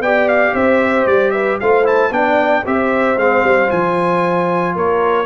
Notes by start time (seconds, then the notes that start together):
0.00 B3 G4 D5 G5
0.28 F5
0.54 C4 C5 E5
1.06 G3 D5
1.31 B4 E5
1.59 A3 F4 C5 F5
1.84 E4 A5
2.10 B3 D4 D5 G5
2.65 C4 G4 C5 E5
3.16 G#3 C4 F5
3.44 G3
3.67 F3 F4 G#5
4.75 A#3 A#4 C#5